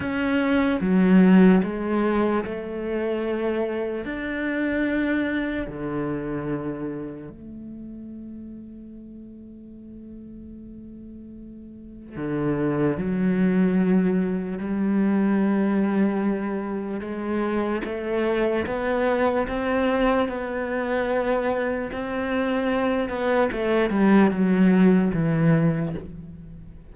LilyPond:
\new Staff \with { instrumentName = "cello" } { \time 4/4 \tempo 4 = 74 cis'4 fis4 gis4 a4~ | a4 d'2 d4~ | d4 a2.~ | a2. d4 |
fis2 g2~ | g4 gis4 a4 b4 | c'4 b2 c'4~ | c'8 b8 a8 g8 fis4 e4 | }